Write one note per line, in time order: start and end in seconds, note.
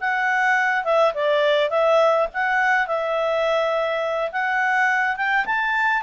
0.00 0.84 F#5
0.84 1.13 E5
1.14 1.70 D5
1.70 2.27 E5
2.33 2.87 F#5
2.87 4.31 E5
4.32 5.16 F#5
5.16 5.45 G5
5.45 6.02 A5